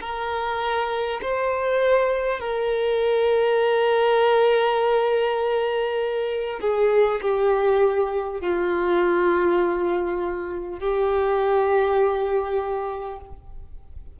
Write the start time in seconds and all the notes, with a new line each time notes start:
0.00 A#4
1.22 C5
2.39 A#4
6.61 G#4
7.21 G4
8.41 F4
10.79 G4